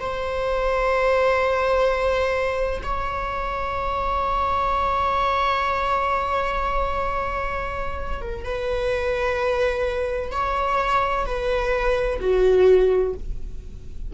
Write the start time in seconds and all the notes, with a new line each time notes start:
0.00 C5
2.83 C#5
8.22 A#4
8.44 B4
10.32 C#5
11.26 B4
12.20 F#4